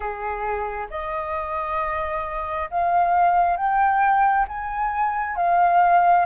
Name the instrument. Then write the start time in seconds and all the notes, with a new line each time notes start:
flute
0.00 G#4
0.90 D#5
2.70 F5
3.57 G5
4.48 G#5
5.36 F5